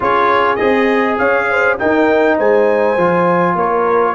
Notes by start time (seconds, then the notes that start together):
0.00 C#4 F4 G#4 C#5
0.55 C4 G#4 D#5
1.18 C#4 C#5 F5
1.50 C5
1.78 D#4 A#4 G5
2.36 G#3 C5 G#5
2.97 F3 F4
3.55 A#3 A#4 C#5